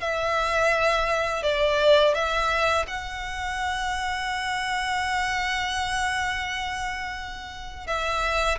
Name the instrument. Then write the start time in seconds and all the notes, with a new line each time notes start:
violin
0.00 E5
1.43 D5
2.14 E5
2.87 F#5
7.86 E5